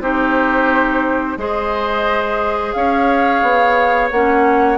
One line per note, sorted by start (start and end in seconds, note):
0.00 1.36 C4
0.00 1.37 D#4
0.00 1.38 G4
0.00 1.38 C5
1.37 2.73 G#3
1.37 4.11 G#4
1.37 2.75 C5
1.37 2.72 D#5
2.72 3.42 C#4
2.72 4.77 C#5
2.72 4.09 F5
3.42 4.10 B3
4.10 4.77 A#3
4.10 4.77 C#4
4.10 4.77 F#5